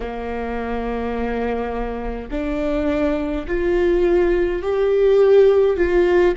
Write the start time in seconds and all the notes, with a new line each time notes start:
0.00 A#3
2.31 D4
3.47 F4
4.62 G4
5.76 F4